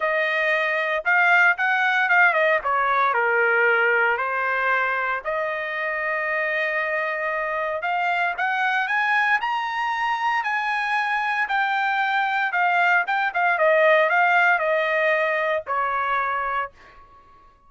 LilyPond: \new Staff \with { instrumentName = "trumpet" } { \time 4/4 \tempo 4 = 115 dis''2 f''4 fis''4 | f''8 dis''8 cis''4 ais'2 | c''2 dis''2~ | dis''2. f''4 |
fis''4 gis''4 ais''2 | gis''2 g''2 | f''4 g''8 f''8 dis''4 f''4 | dis''2 cis''2 | }